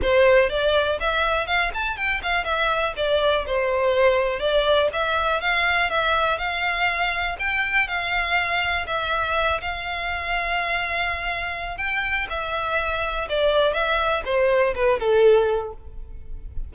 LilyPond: \new Staff \with { instrumentName = "violin" } { \time 4/4 \tempo 4 = 122 c''4 d''4 e''4 f''8 a''8 | g''8 f''8 e''4 d''4 c''4~ | c''4 d''4 e''4 f''4 | e''4 f''2 g''4 |
f''2 e''4. f''8~ | f''1 | g''4 e''2 d''4 | e''4 c''4 b'8 a'4. | }